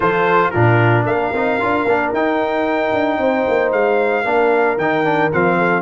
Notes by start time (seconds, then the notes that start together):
0.00 F3 F4 A4 C5
0.50 A#2 D4 F4 A#4
1.05 A#3 A#4 F5
1.32 C4 D#4
1.60 D4 F4
1.85 A#3 D4
2.12 D#4 G5
2.93 D4
3.17 C4 C5
3.48 A#3
3.72 G#3 F5
4.24 A#3 D4 A#4
4.77 D#3 D#4 G5
5.04 D4
5.32 F3 C4 F5
5.57 A4